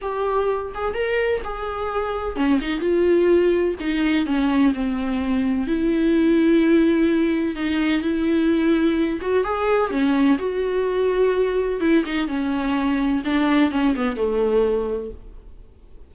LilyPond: \new Staff \with { instrumentName = "viola" } { \time 4/4 \tempo 4 = 127 g'4. gis'8 ais'4 gis'4~ | gis'4 cis'8 dis'8 f'2 | dis'4 cis'4 c'2 | e'1 |
dis'4 e'2~ e'8 fis'8 | gis'4 cis'4 fis'2~ | fis'4 e'8 dis'8 cis'2 | d'4 cis'8 b8 a2 | }